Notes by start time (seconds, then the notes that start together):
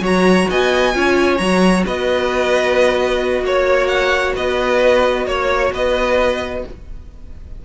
0.00 F#3 F#4 C#5 A#5
0.50 B3 D#5 G#5
0.94 C#4 F4 C#5
1.37 F#3 F#4 A#5
1.85 B3 B4 D#5
3.42 A#3 C#5
3.87 F#5
4.35 B3 B4 D#5
5.26 A#3 C#5
5.73 B3 B4 D#5